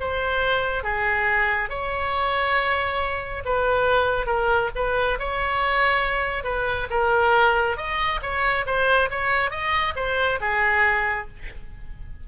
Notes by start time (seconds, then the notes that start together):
0.00 C5
0.83 G#4
1.70 C#5
3.45 B4
4.26 A#4
4.75 B4
5.19 C#5
6.44 B4
6.91 A#4
7.77 D#5
8.22 C#5
8.66 C5
9.11 C#5
9.51 D#5
9.96 C5
10.41 G#4